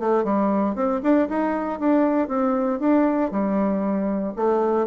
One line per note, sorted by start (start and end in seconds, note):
0.00 0.24 A3
0.24 0.76 G3
0.76 1.01 C4
1.03 1.29 D4
1.29 1.80 D#4
1.80 2.28 D4
2.28 2.80 C4
2.80 3.31 D4
3.31 4.34 G3
4.36 4.88 A3